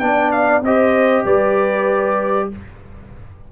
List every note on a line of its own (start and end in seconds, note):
0.00 0.62 B3
0.00 0.63 D4
0.00 0.66 D5
0.00 0.31 G5
0.31 0.62 F5
0.62 1.24 C4
0.62 2.52 G4
0.62 1.26 C5
0.62 1.26 D#5
1.25 2.49 G3
1.25 2.49 B4
1.25 2.50 D5